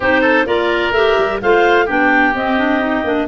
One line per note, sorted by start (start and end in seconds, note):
0.00 0.45 C4
0.00 0.45 D#4
0.00 0.21 G4
0.00 0.46 C5
0.21 0.44 A4
0.45 0.91 A#3
0.45 0.92 F4
0.45 1.41 A#4
0.45 0.92 D5
0.91 1.15 A3
0.91 1.42 G4
0.91 1.39 E5
1.18 1.41 G3
1.41 1.89 A3
1.41 1.87 F4
1.41 1.85 C5
1.41 1.88 F5
1.85 2.34 B3
1.85 2.34 D4
1.85 3.26 G4
1.85 2.35 G5
2.34 3.04 C4
2.34 2.57 C4
2.34 3.27 D#5
2.57 2.79 D4
2.79 3.03 D#4
3.04 3.27 A#3
3.04 3.27 D4